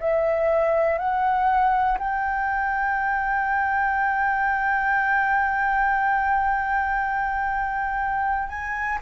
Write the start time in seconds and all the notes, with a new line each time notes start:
0.00 E5
0.98 F#5
1.99 G5
8.49 G#5